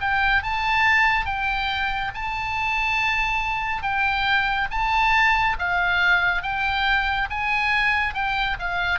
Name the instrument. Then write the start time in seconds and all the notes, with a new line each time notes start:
oboe
0.00 G5
0.42 A5
1.25 G5
2.14 A5
3.82 G5
4.71 A5
5.58 F5
6.42 G5
7.30 G#5
8.14 G5
8.59 F5